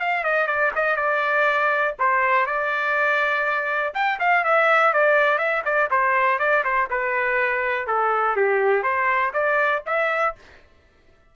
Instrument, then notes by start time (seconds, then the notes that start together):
trumpet
0.00 F5
0.24 D#5
0.47 D5
0.76 D#5
0.97 D5
1.99 C5
2.47 D5
3.95 G5
4.20 F5
4.44 E5
4.94 D5
5.38 E5
5.65 D5
5.91 C5
6.39 D5
6.64 C5
6.90 B4
7.88 A4
8.36 G4
8.83 C5
9.34 D5
9.87 E5